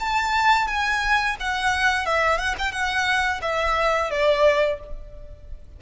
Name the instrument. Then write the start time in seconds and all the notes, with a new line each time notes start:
violin
0.00 A5
0.67 G#5
1.40 F#5
2.06 E5
2.38 F#5
2.59 G5
2.72 F#5
3.42 E5
4.11 D5